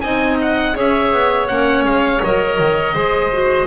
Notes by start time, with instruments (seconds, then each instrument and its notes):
0.00 double bass C4, clarinet D#4, violin D#5, oboe G#5
0.41 oboe F#5
0.74 double bass C#4, clarinet G#4, violin C#5, oboe E5
1.12 double bass B3
1.47 double bass A#3, clarinet C#4, oboe F#5
1.84 double bass G#3, oboe F5
2.23 double bass F#3, clarinet A#4, oboe D#5
2.59 double bass D#3
2.94 double bass G#3, clarinet G#4, violin C5
3.32 clarinet F#4